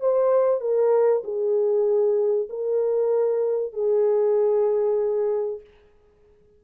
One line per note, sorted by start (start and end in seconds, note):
0.00 0.60 C5
0.60 1.23 A#4
1.24 2.49 G#4
2.49 3.73 A#4
3.73 5.60 G#4